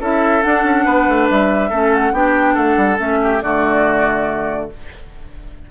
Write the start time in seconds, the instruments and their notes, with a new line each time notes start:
0.00 bassoon C#4, clarinet E4, oboe A4, flute E5
0.42 clarinet D4, bassoon D4, flute F#5
0.63 bassoon C#4
0.85 bassoon B3, oboe B4
1.08 bassoon A3
1.30 bassoon G3, flute E5
1.69 bassoon A3, clarinet C#4, oboe A4
1.94 flute F#5
2.12 bassoon B3, clarinet D4, oboe G4, flute G5
2.54 bassoon A3, oboe A4, flute F#5
2.76 bassoon G3
2.97 bassoon A3, clarinet C#4, flute E5
3.22 oboe G4
3.42 bassoon D3, clarinet A3, oboe F#4, flute D5